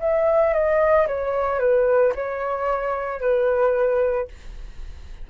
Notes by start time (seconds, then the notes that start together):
0.00 E5
0.54 D#5
1.07 C#5
1.60 B4
2.15 C#5
3.21 B4